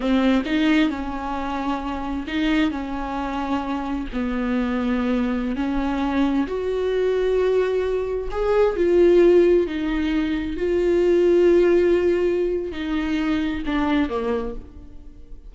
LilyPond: \new Staff \with { instrumentName = "viola" } { \time 4/4 \tempo 4 = 132 c'4 dis'4 cis'2~ | cis'4 dis'4 cis'2~ | cis'4 b2.~ | b16 cis'2 fis'4.~ fis'16~ |
fis'2~ fis'16 gis'4 f'8.~ | f'4~ f'16 dis'2 f'8.~ | f'1 | dis'2 d'4 ais4 | }